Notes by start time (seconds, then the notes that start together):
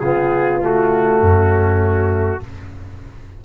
0.00 C#3 B3 F4 G#4
0.61 A3 F#4
1.21 F#2 C#4